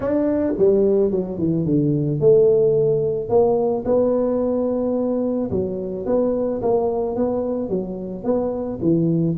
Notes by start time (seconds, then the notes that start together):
0.00 D4
0.58 G3
1.11 F#3
1.38 E3
1.65 D3
2.20 A3
3.29 A#3
3.85 B3
5.50 F#3
6.06 B3
6.62 A#3
7.16 B3
7.69 F#3
8.24 B3
8.81 E3